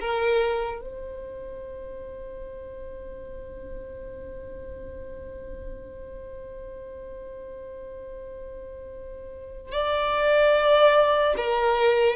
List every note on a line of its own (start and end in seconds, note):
0.00 0.81 A#4
0.81 9.72 C5
9.72 11.34 D5
11.37 12.16 A#4